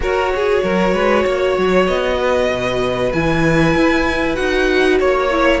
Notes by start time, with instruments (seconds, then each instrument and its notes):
0.00 cello F#4, viola F#4, violin A#4 C#5
0.35 violin G#4
0.63 cello F#3, violin A#4
0.93 cello G#3, violin B4
1.23 cello A#3, violin C#5
1.57 cello F#3
1.87 cello B3, violin D#5
2.19 violin B4
2.49 cello B2
3.12 cello E3, viola E4, violin G#5
3.75 cello E4
4.34 cello D#4, viola F#4, violin F#5
5.00 cello A#3, violin C#5
5.30 viola E4